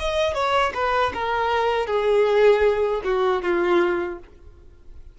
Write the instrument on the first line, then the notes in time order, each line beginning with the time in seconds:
violin
0.00 D#5
0.35 C#5
0.74 B4
1.14 A#4
1.87 G#4
3.04 F#4
3.42 F4